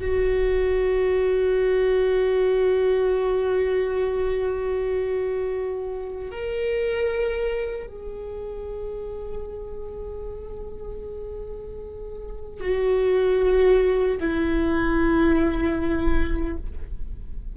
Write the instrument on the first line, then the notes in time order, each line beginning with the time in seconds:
viola
0.00 F#4
6.31 A#4
7.87 G#4
12.60 F#4
14.20 E4